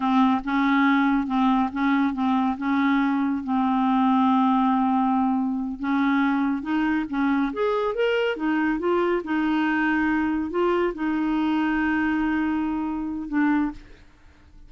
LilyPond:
\new Staff \with { instrumentName = "clarinet" } { \time 4/4 \tempo 4 = 140 c'4 cis'2 c'4 | cis'4 c'4 cis'2 | c'1~ | c'4. cis'2 dis'8~ |
dis'8 cis'4 gis'4 ais'4 dis'8~ | dis'8 f'4 dis'2~ dis'8~ | dis'8 f'4 dis'2~ dis'8~ | dis'2. d'4 | }